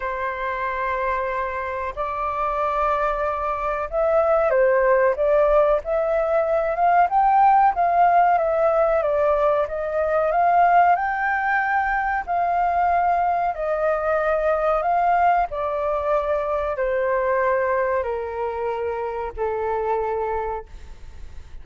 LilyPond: \new Staff \with { instrumentName = "flute" } { \time 4/4 \tempo 4 = 93 c''2. d''4~ | d''2 e''4 c''4 | d''4 e''4. f''8 g''4 | f''4 e''4 d''4 dis''4 |
f''4 g''2 f''4~ | f''4 dis''2 f''4 | d''2 c''2 | ais'2 a'2 | }